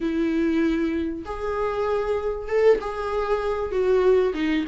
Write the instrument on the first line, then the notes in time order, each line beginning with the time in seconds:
viola
0.00 E4
1.25 G#4
2.48 A4
2.81 G#4
3.71 F#4
4.34 D#4